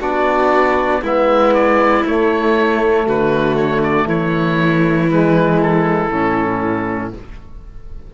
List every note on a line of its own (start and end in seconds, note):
0.00 1.03 B3
0.00 1.02 D4
0.00 1.02 F#4
0.00 1.04 D5
1.03 2.04 G#3
1.03 2.06 B3
1.03 3.06 E4
1.03 1.54 E5
1.54 2.05 D5
2.06 5.10 A3
2.06 3.08 A3
2.06 3.09 C#5
3.07 4.07 D3
3.07 4.08 F#4
3.07 3.57 B4
3.57 3.82 C#5
3.83 4.09 D5
4.07 6.10 E3
4.07 7.13 E4
4.07 5.11 C#5
5.10 6.11 G#3
5.10 5.62 B4
5.62 7.15 A4
6.11 7.14 A2
6.11 7.13 C#4